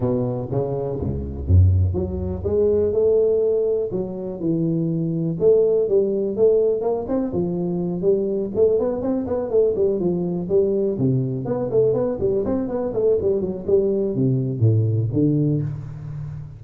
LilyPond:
\new Staff \with { instrumentName = "tuba" } { \time 4/4 \tempo 4 = 123 b,4 cis4 cis,4 fis,4 | fis4 gis4 a2 | fis4 e2 a4 | g4 a4 ais8 c'8 f4~ |
f8 g4 a8 b8 c'8 b8 a8 | g8 f4 g4 c4 b8 | a8 b8 g8 c'8 b8 a8 g8 fis8 | g4 c4 a,4 d4 | }